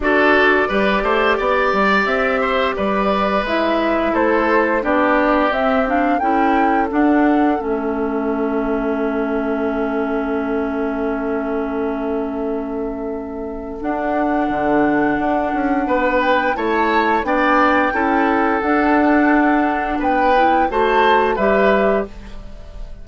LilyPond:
<<
  \new Staff \with { instrumentName = "flute" } { \time 4/4 \tempo 4 = 87 d''2. e''4 | d''4 e''4 c''4 d''4 | e''8 f''8 g''4 fis''4 e''4~ | e''1~ |
e''1 | fis''2.~ fis''8 g''8 | a''4 g''2 fis''4~ | fis''4 g''4 a''4 e''4 | }
  \new Staff \with { instrumentName = "oboe" } { \time 4/4 a'4 b'8 c''8 d''4. c''8 | b'2 a'4 g'4~ | g'4 a'2.~ | a'1~ |
a'1~ | a'2. b'4 | cis''4 d''4 a'2~ | a'4 b'4 c''4 b'4 | }
  \new Staff \with { instrumentName = "clarinet" } { \time 4/4 fis'4 g'2.~ | g'4 e'2 d'4 | c'8 d'8 e'4 d'4 cis'4~ | cis'1~ |
cis'1 | d'1 | e'4 d'4 e'4 d'4~ | d'4. e'8 fis'4 g'4 | }
  \new Staff \with { instrumentName = "bassoon" } { \time 4/4 d'4 g8 a8 b8 g8 c'4 | g4 gis4 a4 b4 | c'4 cis'4 d'4 a4~ | a1~ |
a1 | d'4 d4 d'8 cis'8 b4 | a4 b4 cis'4 d'4~ | d'4 b4 a4 g4 | }
>>